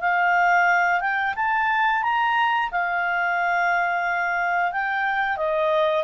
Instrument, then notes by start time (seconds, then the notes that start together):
clarinet
0.00 F5
1.00 G5
1.35 A5
2.03 A#5
2.71 F5
4.72 G5
5.37 D#5